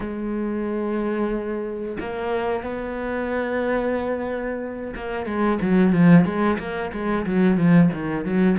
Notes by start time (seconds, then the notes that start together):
0.00 G#3
1.99 A#3
2.63 B3
4.95 A#3
5.26 G#3
5.61 F#3
5.92 F3
6.25 G#3
6.58 A#3
6.92 G#3
7.26 F#3
7.57 F3
7.93 D#3
8.24 F#3